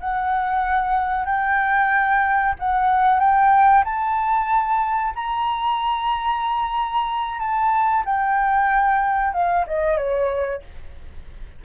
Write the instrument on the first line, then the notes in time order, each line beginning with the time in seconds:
flute
0.00 F#5
1.26 G5
2.59 F#5
3.19 G5
3.84 A5
5.15 A#5
7.39 A5
8.05 G5
9.33 F5
9.67 D#5
9.97 C#5